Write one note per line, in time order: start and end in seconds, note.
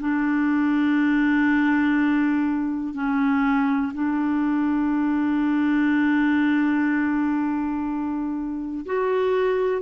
0.00 2.94 D4
2.94 3.93 C#4
3.93 8.85 D4
8.86 9.82 F#4